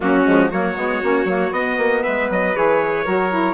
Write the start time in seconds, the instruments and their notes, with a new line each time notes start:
0.00 bassoon F#3, saxophone A#3, violin C#4, trumpet F#4
0.25 bassoon F3, saxophone G#3
0.49 bassoon F#3, saxophone A#3, violin F#4, trumpet C#5
0.76 bassoon G#3, saxophone B3
1.03 bassoon A#3, saxophone C#4
1.24 bassoon F#3, saxophone A#3
1.51 bassoon B3, saxophone B3, trumpet D#5
1.77 bassoon A#3
2.03 bassoon G#3, violin B4, trumpet E5
2.30 bassoon F#3, trumpet D#5
2.54 bassoon E3, saxophone G#4, trumpet C#5
3.04 bassoon F#3, saxophone F#4, violin A#4
3.30 saxophone E4